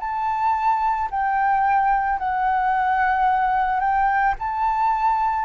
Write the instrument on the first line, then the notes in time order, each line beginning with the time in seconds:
flute
0.00 A5
1.11 G5
2.19 F#5
3.80 G5
4.39 A5